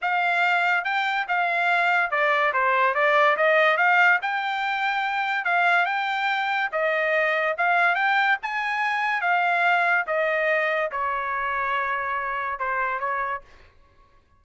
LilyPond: \new Staff \with { instrumentName = "trumpet" } { \time 4/4 \tempo 4 = 143 f''2 g''4 f''4~ | f''4 d''4 c''4 d''4 | dis''4 f''4 g''2~ | g''4 f''4 g''2 |
dis''2 f''4 g''4 | gis''2 f''2 | dis''2 cis''2~ | cis''2 c''4 cis''4 | }